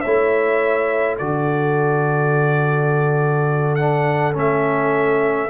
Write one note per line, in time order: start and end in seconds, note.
0.00 1.20 A3
0.00 1.19 E4
0.00 1.17 C#5
0.00 1.15 E5
1.18 4.36 D3
1.18 3.78 F#4
1.18 5.50 A4
1.18 3.75 D5
3.75 4.33 D4
3.75 4.32 F#5
4.33 5.50 A3
4.33 5.48 C#4
4.33 5.50 E5